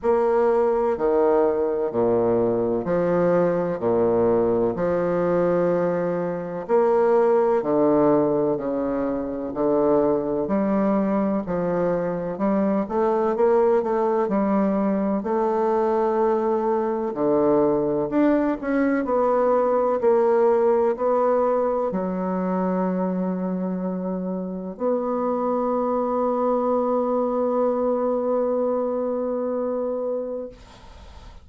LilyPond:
\new Staff \with { instrumentName = "bassoon" } { \time 4/4 \tempo 4 = 63 ais4 dis4 ais,4 f4 | ais,4 f2 ais4 | d4 cis4 d4 g4 | f4 g8 a8 ais8 a8 g4 |
a2 d4 d'8 cis'8 | b4 ais4 b4 fis4~ | fis2 b2~ | b1 | }